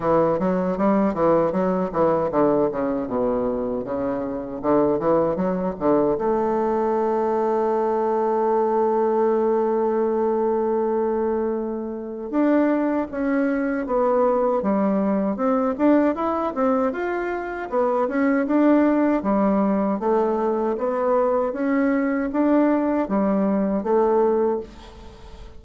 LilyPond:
\new Staff \with { instrumentName = "bassoon" } { \time 4/4 \tempo 4 = 78 e8 fis8 g8 e8 fis8 e8 d8 cis8 | b,4 cis4 d8 e8 fis8 d8 | a1~ | a1 |
d'4 cis'4 b4 g4 | c'8 d'8 e'8 c'8 f'4 b8 cis'8 | d'4 g4 a4 b4 | cis'4 d'4 g4 a4 | }